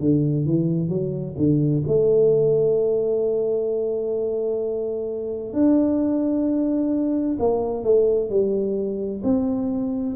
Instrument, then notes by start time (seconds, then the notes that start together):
tuba
0.00 D3
0.46 E3
0.89 F#3
1.38 D3
1.88 A3
5.53 D4
7.40 A#3
7.84 A3
8.30 G3
9.24 C4